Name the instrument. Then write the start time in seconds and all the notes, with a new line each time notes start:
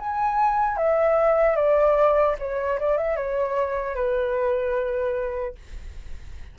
flute
0.00 G#5
0.77 E5
1.56 D5
2.39 C#5
2.80 D5
2.98 E5
3.17 C#5
3.96 B4